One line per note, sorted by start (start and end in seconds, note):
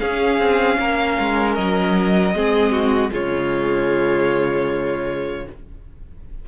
0.00 2.34 C#4
0.00 0.39 C#4
0.00 0.79 G#4
0.00 1.55 F5
0.39 0.78 C4
0.79 1.18 A#3
0.79 2.35 A#4
1.20 1.58 G#3
1.55 2.34 F#3
1.55 3.11 D#5
2.34 3.12 G#3
2.34 3.11 C4
2.34 2.72 G#4
2.72 3.11 F#4
3.11 5.47 C#3
3.11 5.44 G#3
3.11 5.46 F4
3.11 5.48 C#5